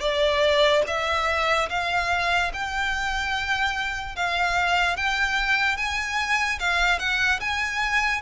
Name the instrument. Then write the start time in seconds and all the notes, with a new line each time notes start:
violin
0.00 D5
0.87 E5
1.69 F5
2.53 G5
4.15 F5
4.97 G5
5.76 G#5
6.59 F5
6.99 F#5
7.40 G#5